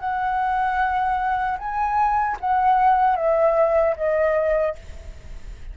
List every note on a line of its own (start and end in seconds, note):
0.00 1.58 F#5
1.59 2.38 G#5
2.40 3.17 F#5
3.17 3.95 E5
3.97 4.75 D#5